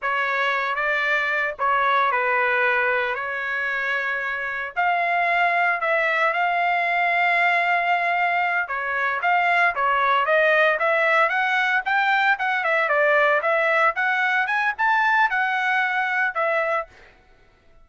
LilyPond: \new Staff \with { instrumentName = "trumpet" } { \time 4/4 \tempo 4 = 114 cis''4. d''4. cis''4 | b'2 cis''2~ | cis''4 f''2 e''4 | f''1~ |
f''8 cis''4 f''4 cis''4 dis''8~ | dis''8 e''4 fis''4 g''4 fis''8 | e''8 d''4 e''4 fis''4 gis''8 | a''4 fis''2 e''4 | }